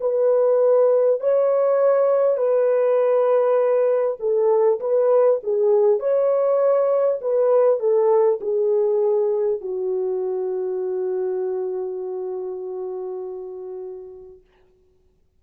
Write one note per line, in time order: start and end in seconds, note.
0.00 1.20 B4
1.20 2.37 C#5
2.37 4.17 B4
4.19 4.79 A4
4.80 5.40 B4
5.43 5.99 G#4
5.99 7.19 C#5
7.21 7.79 B4
7.79 8.39 A4
8.41 9.61 G#4
9.61 14.41 F#4